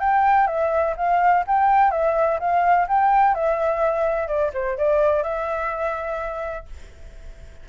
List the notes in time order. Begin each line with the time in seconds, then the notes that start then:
0.00 G5
0.47 E5
0.97 F5
1.47 G5
1.91 E5
2.39 F5
2.88 G5
3.35 E5
4.28 D5
4.53 C5
4.77 D5
5.23 E5